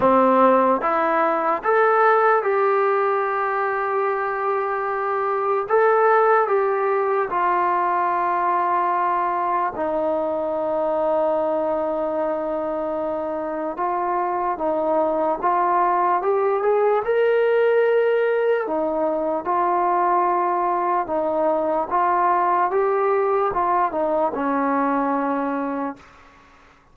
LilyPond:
\new Staff \with { instrumentName = "trombone" } { \time 4/4 \tempo 4 = 74 c'4 e'4 a'4 g'4~ | g'2. a'4 | g'4 f'2. | dis'1~ |
dis'4 f'4 dis'4 f'4 | g'8 gis'8 ais'2 dis'4 | f'2 dis'4 f'4 | g'4 f'8 dis'8 cis'2 | }